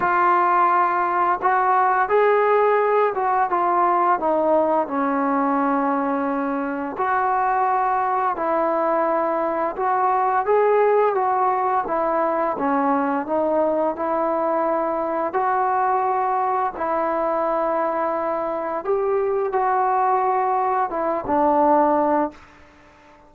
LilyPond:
\new Staff \with { instrumentName = "trombone" } { \time 4/4 \tempo 4 = 86 f'2 fis'4 gis'4~ | gis'8 fis'8 f'4 dis'4 cis'4~ | cis'2 fis'2 | e'2 fis'4 gis'4 |
fis'4 e'4 cis'4 dis'4 | e'2 fis'2 | e'2. g'4 | fis'2 e'8 d'4. | }